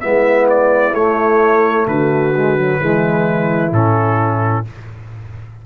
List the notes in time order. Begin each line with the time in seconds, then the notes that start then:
0.00 G#3 B3 E4 E5
0.49 D5
0.92 A3 C#5
1.86 D3 F#4 B4
2.35 G#3
2.57 F#3
2.80 E3 G#3 E4
3.71 A2 C#4 A4